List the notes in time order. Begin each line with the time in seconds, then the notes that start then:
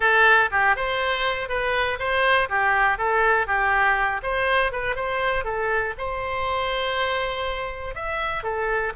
0.00 A4
0.51 G4
0.76 C5
1.49 B4
1.99 C5
2.49 G4
2.98 A4
3.46 G4
4.22 C5
4.72 B4
4.95 C5
5.44 A4
5.98 C5
7.94 E5
8.43 A4